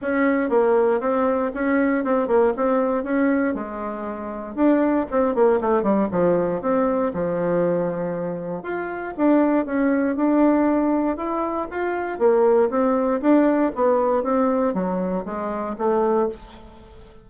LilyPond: \new Staff \with { instrumentName = "bassoon" } { \time 4/4 \tempo 4 = 118 cis'4 ais4 c'4 cis'4 | c'8 ais8 c'4 cis'4 gis4~ | gis4 d'4 c'8 ais8 a8 g8 | f4 c'4 f2~ |
f4 f'4 d'4 cis'4 | d'2 e'4 f'4 | ais4 c'4 d'4 b4 | c'4 fis4 gis4 a4 | }